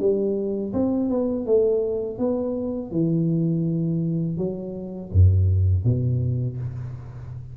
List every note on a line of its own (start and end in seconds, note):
0.00 0.73 G3
0.74 1.10 C4
1.10 1.46 B3
1.46 2.19 A3
2.19 2.91 B3
2.91 4.38 E3
4.38 5.11 F#3
5.13 5.84 F#2
5.84 6.58 B2